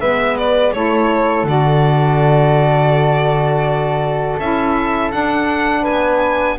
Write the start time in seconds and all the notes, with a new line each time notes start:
0.00 G#3 B3 B4 E5
0.38 D5
0.73 A3 E4 A4 C#5
1.43 D3 F#4 D5
4.39 C#4 E4 E5
5.11 D4 F#5
5.82 B4 G#5
5.88 B3